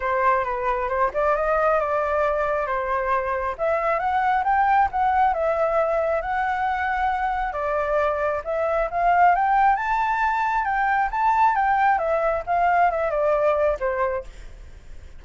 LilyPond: \new Staff \with { instrumentName = "flute" } { \time 4/4 \tempo 4 = 135 c''4 b'4 c''8 d''8 dis''4 | d''2 c''2 | e''4 fis''4 g''4 fis''4 | e''2 fis''2~ |
fis''4 d''2 e''4 | f''4 g''4 a''2 | g''4 a''4 g''4 e''4 | f''4 e''8 d''4. c''4 | }